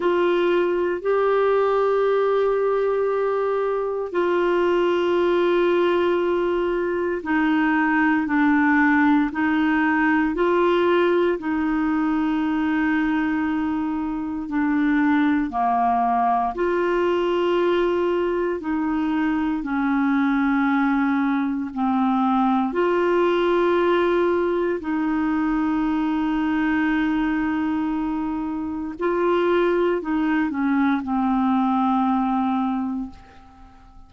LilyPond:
\new Staff \with { instrumentName = "clarinet" } { \time 4/4 \tempo 4 = 58 f'4 g'2. | f'2. dis'4 | d'4 dis'4 f'4 dis'4~ | dis'2 d'4 ais4 |
f'2 dis'4 cis'4~ | cis'4 c'4 f'2 | dis'1 | f'4 dis'8 cis'8 c'2 | }